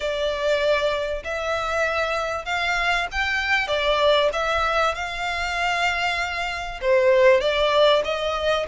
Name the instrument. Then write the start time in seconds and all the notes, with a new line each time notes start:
violin
0.00 D5
1.24 E5
2.45 F5
3.11 G5
3.67 D5
4.32 E5
4.94 F5
6.81 C5
7.40 D5
8.04 D#5